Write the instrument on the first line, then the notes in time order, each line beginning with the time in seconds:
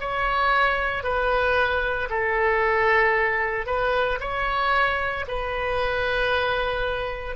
oboe
0.00 C#5
1.03 B4
2.10 A4
3.66 B4
4.20 C#5
5.28 B4